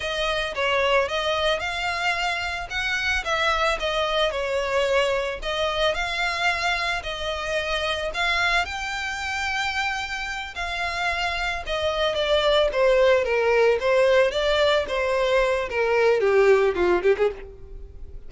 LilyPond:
\new Staff \with { instrumentName = "violin" } { \time 4/4 \tempo 4 = 111 dis''4 cis''4 dis''4 f''4~ | f''4 fis''4 e''4 dis''4 | cis''2 dis''4 f''4~ | f''4 dis''2 f''4 |
g''2.~ g''8 f''8~ | f''4. dis''4 d''4 c''8~ | c''8 ais'4 c''4 d''4 c''8~ | c''4 ais'4 g'4 f'8 g'16 gis'16 | }